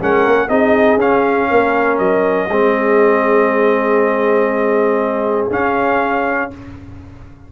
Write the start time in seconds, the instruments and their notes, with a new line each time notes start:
0.00 tuba G#3, trombone C#4, horn A#4, trumpet F#5
0.26 tuba A#3
0.48 tuba C4, trombone D#4, horn G#4, trumpet D#5
0.97 tuba C#4, trombone C#4, trumpet F5
1.49 tuba A#3, horn A#4
1.98 tuba F#3, trumpet D#5
2.48 tuba G#3, trombone C4, horn G#4
5.50 tuba C#4, trombone C#4, trumpet F5